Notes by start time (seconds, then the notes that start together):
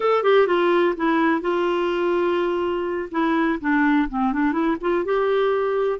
0.00 A4
0.23 G4
0.47 F4
0.96 E4
1.41 F4
3.11 E4
3.60 D4
4.09 C4
4.32 D4
4.52 E4
4.80 F4
5.04 G4